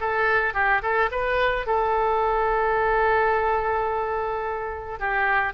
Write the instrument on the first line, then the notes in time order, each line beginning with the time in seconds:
oboe
0.00 A4
0.54 G4
0.82 A4
1.11 B4
1.67 A4
4.99 G4